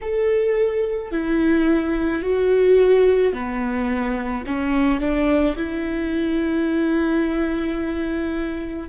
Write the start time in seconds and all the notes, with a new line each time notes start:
0.01 A4
1.11 E4
2.22 F#4
3.33 B3
4.46 C#4
5.00 D4
5.56 E4